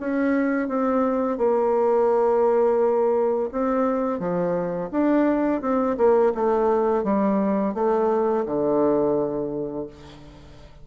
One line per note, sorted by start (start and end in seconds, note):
0.00 0.69 C#4
0.69 1.38 C4
1.38 3.50 A#3
3.52 4.20 C4
4.20 4.90 F3
4.92 5.61 D4
5.61 5.97 C4
5.98 6.33 A#3
6.35 7.04 A3
7.04 7.75 G3
7.75 8.45 A3
8.46 9.87 D3